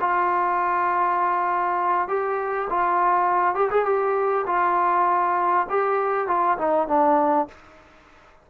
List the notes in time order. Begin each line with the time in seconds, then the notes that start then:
0.00 F4
2.08 G4
2.69 F4
3.55 G4
3.70 G#4
3.85 G4
4.46 F4
5.69 G4
6.27 F4
6.57 D#4
6.87 D4